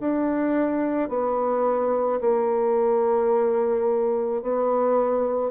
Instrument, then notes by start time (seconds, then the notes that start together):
bassoon
0.00 D4
1.09 B3
2.20 A#3
4.42 B3